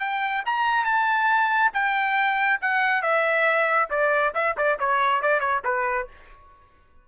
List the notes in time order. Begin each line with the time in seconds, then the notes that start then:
0.00 G5
0.46 A#5
0.85 A5
1.73 G5
2.61 F#5
3.02 E5
3.90 D5
4.35 E5
4.57 D5
4.79 C#5
5.22 D5
5.40 C#5
5.65 B4